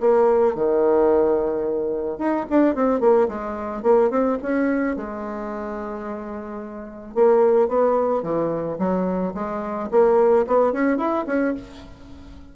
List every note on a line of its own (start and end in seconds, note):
0.00 0.55 A#3
0.55 2.18 D#3
2.18 2.45 D#4
2.50 2.75 D4
2.75 3.00 C4
3.00 3.28 A#3
3.28 3.83 G#3
3.83 4.10 A#3
4.10 4.38 C4
4.42 4.96 C#4
4.96 7.14 G#3
7.14 7.68 A#3
7.68 8.23 B3
8.23 8.78 E3
8.78 9.33 F#3
9.34 9.89 G#3
9.91 10.46 A#3
10.47 10.73 B3
10.73 10.97 C#4
10.97 11.25 E4
11.26 11.54 C#4